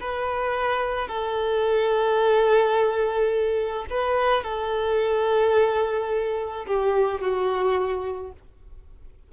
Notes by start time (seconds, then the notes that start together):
0.00 B4
1.08 A4
3.90 B4
4.43 A4
6.66 G4
7.20 F#4